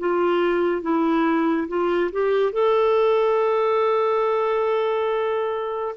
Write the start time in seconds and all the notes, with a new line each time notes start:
0.00 F4
0.83 E4
1.68 F4
2.13 G4
2.53 A4